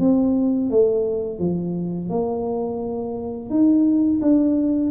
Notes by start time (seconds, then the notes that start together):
0.00 C4
0.71 A3
1.40 F3
2.10 A#3
3.50 D#4
4.22 D4